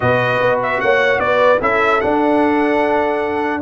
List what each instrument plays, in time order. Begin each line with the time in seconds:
0.00 tuba B2, trombone F#4, horn B4, trumpet D#5
0.40 tuba B3
0.62 trumpet E5
0.80 tuba A#3, horn C#5, trumpet F#5
1.18 tuba B3, horn B4, trumpet D5
1.60 tuba C#4, trombone E4, horn A4, trumpet E5
2.01 trombone D4, tuba D4, trumpet F#5